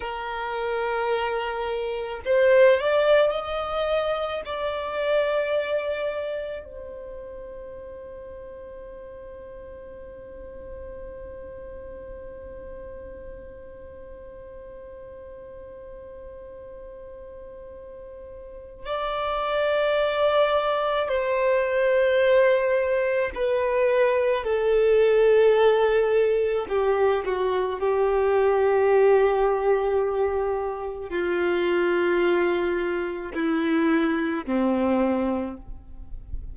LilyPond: \new Staff \with { instrumentName = "violin" } { \time 4/4 \tempo 4 = 54 ais'2 c''8 d''8 dis''4 | d''2 c''2~ | c''1~ | c''1~ |
c''4 d''2 c''4~ | c''4 b'4 a'2 | g'8 fis'8 g'2. | f'2 e'4 c'4 | }